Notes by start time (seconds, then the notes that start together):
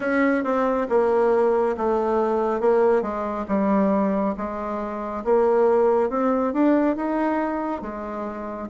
0.00 C#4
0.43 C4
0.89 A#3
1.77 A3
2.60 A#3
3.02 G#3
3.47 G3
4.37 G#3
5.24 A#3
6.09 C4
6.53 D4
6.96 D#4
7.81 G#3